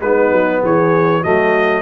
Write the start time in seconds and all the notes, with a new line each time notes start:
0.00 G#3 B3 D#4 B4
0.31 F#3
0.62 E3 G#4 C#5
1.21 F#3 A3 F#4 D#5